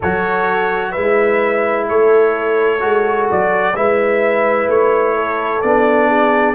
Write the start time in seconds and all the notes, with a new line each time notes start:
0.00 F#3 F#4 A4 C#5
0.91 G#3 E4 B4 E5
1.88 A3 A4 C#5
2.79 G#3 F#4
3.31 F#3 D5
3.75 G#3 E4 B4 E5
4.67 A3 C#5
5.14 A4
5.61 B3 D4 D5
6.08 G#4